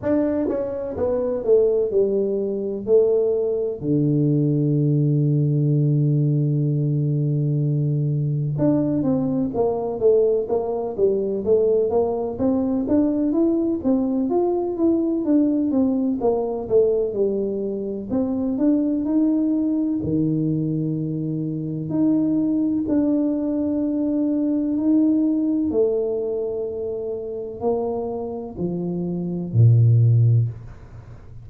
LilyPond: \new Staff \with { instrumentName = "tuba" } { \time 4/4 \tempo 4 = 63 d'8 cis'8 b8 a8 g4 a4 | d1~ | d4 d'8 c'8 ais8 a8 ais8 g8 | a8 ais8 c'8 d'8 e'8 c'8 f'8 e'8 |
d'8 c'8 ais8 a8 g4 c'8 d'8 | dis'4 dis2 dis'4 | d'2 dis'4 a4~ | a4 ais4 f4 ais,4 | }